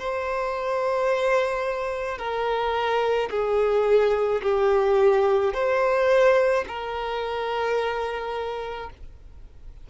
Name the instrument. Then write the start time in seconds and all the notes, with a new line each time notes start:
violin
0.00 C5
2.18 A#4
3.31 G#4
4.43 G4
5.54 C5
6.68 A#4